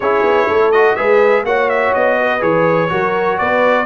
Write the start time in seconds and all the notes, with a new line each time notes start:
0.00 C#4 E4 G#4 C#5
0.22 B3
0.47 A3 A4
0.71 F#4 D#5
0.95 G#3 G#4 B4 E5
1.44 A#3 F#4 C#5 F#5
1.69 E5
1.93 B3 D#5
2.20 B4
2.40 E3 G#4 C#5
2.88 F#3 F#4 A#4
3.38 B3 B4 D5